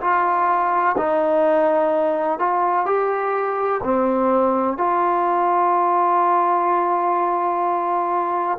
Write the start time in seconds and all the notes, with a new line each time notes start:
0.00 F4
0.97 D#4
2.39 F4
2.85 G4
3.83 C4
4.77 F4